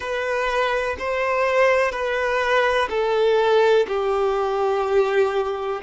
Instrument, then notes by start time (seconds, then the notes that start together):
violin
0.00 B4
0.99 C5
1.91 B4
2.89 A4
3.87 G4